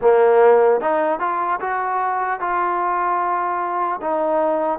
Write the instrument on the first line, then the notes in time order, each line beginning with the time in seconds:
trombone
0.01 A#3
0.80 D#4
1.19 F4
1.60 F#4
2.40 F4
4.01 D#4